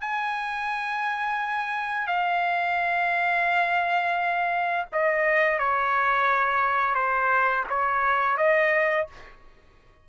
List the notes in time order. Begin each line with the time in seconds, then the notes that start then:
0.00 G#5
2.07 F5
4.92 D#5
5.59 C#5
6.94 C5
7.69 C#5
8.37 D#5